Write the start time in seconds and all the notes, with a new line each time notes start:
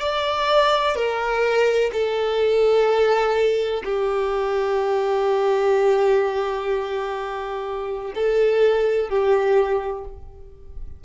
0.00 D5
0.95 A#4
1.92 A4
3.84 G4
8.15 A4
9.09 G4